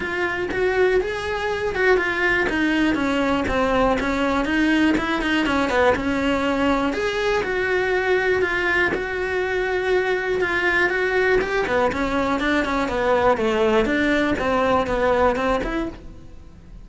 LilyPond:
\new Staff \with { instrumentName = "cello" } { \time 4/4 \tempo 4 = 121 f'4 fis'4 gis'4. fis'8 | f'4 dis'4 cis'4 c'4 | cis'4 dis'4 e'8 dis'8 cis'8 b8 | cis'2 gis'4 fis'4~ |
fis'4 f'4 fis'2~ | fis'4 f'4 fis'4 g'8 b8 | cis'4 d'8 cis'8 b4 a4 | d'4 c'4 b4 c'8 e'8 | }